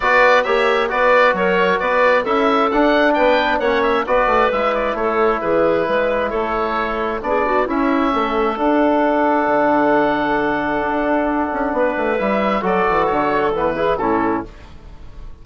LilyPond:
<<
  \new Staff \with { instrumentName = "oboe" } { \time 4/4 \tempo 4 = 133 d''4 e''4 d''4 cis''4 | d''4 e''4 fis''4 g''4 | fis''8 e''8 d''4 e''8 d''8 cis''4 | b'2 cis''2 |
d''4 e''2 fis''4~ | fis''1~ | fis''2. e''4 | d''4 cis''4 b'4 a'4 | }
  \new Staff \with { instrumentName = "clarinet" } { \time 4/4 b'4 cis''4 b'4 ais'4 | b'4 a'2 b'4 | cis''4 b'2 a'4 | gis'4 b'4 a'2 |
gis'8 fis'8 e'4 a'2~ | a'1~ | a'2 b'2 | a'2~ a'8 gis'8 e'4 | }
  \new Staff \with { instrumentName = "trombone" } { \time 4/4 fis'4 g'4 fis'2~ | fis'4 e'4 d'2 | cis'4 fis'4 e'2~ | e'1 |
d'4 cis'2 d'4~ | d'1~ | d'2. e'4 | fis'2 b8 e'8 cis'4 | }
  \new Staff \with { instrumentName = "bassoon" } { \time 4/4 b4 ais4 b4 fis4 | b4 cis'4 d'4 b4 | ais4 b8 a8 gis4 a4 | e4 gis4 a2 |
b4 cis'4 a4 d'4~ | d'4 d2. | d'4. cis'8 b8 a8 g4 | fis8 e8 d4 e4 a,4 | }
>>